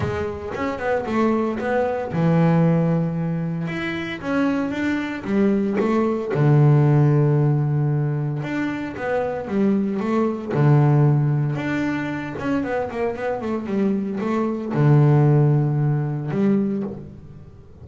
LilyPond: \new Staff \with { instrumentName = "double bass" } { \time 4/4 \tempo 4 = 114 gis4 cis'8 b8 a4 b4 | e2. e'4 | cis'4 d'4 g4 a4 | d1 |
d'4 b4 g4 a4 | d2 d'4. cis'8 | b8 ais8 b8 a8 g4 a4 | d2. g4 | }